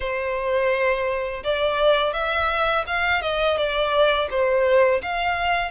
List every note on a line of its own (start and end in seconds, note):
0.00 1.43 C5
1.43 2.13 D5
2.13 2.84 E5
2.86 3.21 F5
3.21 3.57 D#5
3.57 4.28 D5
4.30 5.01 C5
5.02 5.71 F5